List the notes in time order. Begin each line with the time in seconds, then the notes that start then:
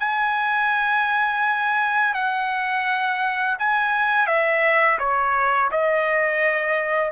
0.00 G#5
2.14 F#5
3.59 G#5
4.27 E5
4.99 C#5
5.71 D#5